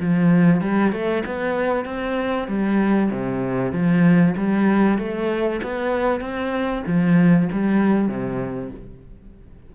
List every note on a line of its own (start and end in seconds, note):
0.00 0.61 F3
0.61 0.92 G3
0.92 1.23 A3
1.26 1.85 B3
1.85 2.47 C4
2.47 3.10 G3
3.11 3.72 C3
3.72 4.35 F3
4.37 4.98 G3
4.98 5.61 A3
5.63 6.20 B3
6.20 6.83 C4
6.86 7.49 F3
7.52 8.08 G3
8.08 8.71 C3